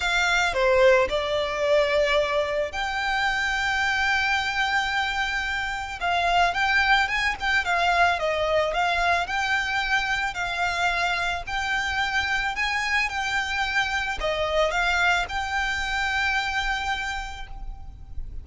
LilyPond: \new Staff \with { instrumentName = "violin" } { \time 4/4 \tempo 4 = 110 f''4 c''4 d''2~ | d''4 g''2.~ | g''2. f''4 | g''4 gis''8 g''8 f''4 dis''4 |
f''4 g''2 f''4~ | f''4 g''2 gis''4 | g''2 dis''4 f''4 | g''1 | }